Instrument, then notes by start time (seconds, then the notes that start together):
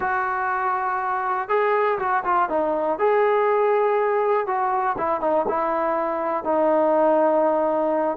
trombone
0.00 F#4
1.48 G#4
1.98 F#4
2.24 F4
2.49 D#4
2.98 G#4
4.47 F#4
4.98 E4
5.20 D#4
5.48 E4
6.44 D#4